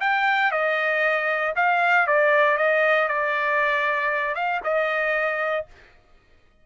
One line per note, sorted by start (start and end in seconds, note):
0.00 0.51 G5
0.51 1.54 D#5
1.56 2.07 F5
2.07 2.57 D5
2.57 3.08 D#5
3.08 4.35 D5
4.35 4.61 F5
4.64 5.66 D#5